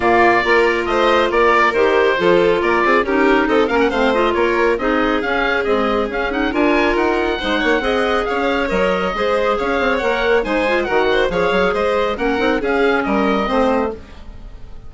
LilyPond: <<
  \new Staff \with { instrumentName = "oboe" } { \time 4/4 \tempo 4 = 138 d''2 dis''4 d''4 | c''2 d''4 ais'4 | dis''8 f''16 fis''16 f''8 dis''8 cis''4 dis''4 | f''4 dis''4 f''8 fis''8 gis''4 |
fis''2. f''4 | dis''2 f''4 fis''4 | gis''4 fis''4 f''4 dis''4 | fis''4 f''4 dis''2 | }
  \new Staff \with { instrumentName = "violin" } { \time 4/4 f'4 ais'4 c''4 ais'4~ | ais'4 a'4 ais'8 gis'8 g'4 | a'8 ais'8 c''4 ais'4 gis'4~ | gis'2. ais'4~ |
ais'4 c''8 cis''8 dis''4 cis''4~ | cis''4 c''4 cis''2 | c''4 ais'8 c''8 cis''4 c''4 | ais'4 gis'4 ais'4 c''4 | }
  \new Staff \with { instrumentName = "clarinet" } { \time 4/4 ais4 f'2. | g'4 f'2 dis'4~ | dis'8 cis'8 c'8 f'4. dis'4 | cis'4 gis4 cis'8 dis'8 f'4~ |
f'4 dis'4 gis'2 | ais'4 gis'2 ais'4 | dis'8 f'8 fis'4 gis'2 | cis'8 dis'8 cis'2 c'4 | }
  \new Staff \with { instrumentName = "bassoon" } { \time 4/4 ais,4 ais4 a4 ais4 | dis4 f4 ais8 c'8 cis'4 | c'8 ais8 a4 ais4 c'4 | cis'4 c'4 cis'4 d'4 |
dis'4 gis8 ais8 c'4 cis'4 | fis4 gis4 cis'8 c'8 ais4 | gis4 dis4 f8 fis8 gis4 | ais8 c'8 cis'4 g4 a4 | }
>>